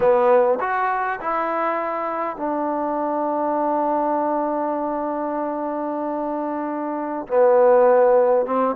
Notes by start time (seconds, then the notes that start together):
0.00 B3
0.60 F#4
1.20 E4
2.37 D4
7.27 B3
8.45 C4